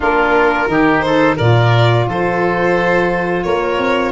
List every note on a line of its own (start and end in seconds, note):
0.00 0.67 A#3
0.00 0.67 D4
0.00 0.68 F4
0.00 1.00 A#4
0.67 1.36 D#3
0.67 1.36 D#4
0.67 1.05 G4
1.00 1.36 A4
1.00 1.34 C5
1.36 2.07 A#2
1.36 4.11 F4
1.36 2.05 A#4
1.36 2.07 D5
2.07 3.45 F3
2.07 3.45 A4
2.07 3.43 C5
3.43 3.78 A#3
3.43 4.11 A#4
3.43 4.11 C#5
3.78 4.11 C4